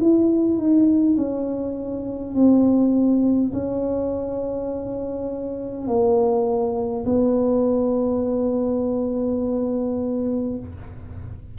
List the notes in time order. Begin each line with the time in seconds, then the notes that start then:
0.00 E4
0.58 D#4
1.17 C#4
2.35 C4
3.53 C#4
5.87 A#3
7.05 B3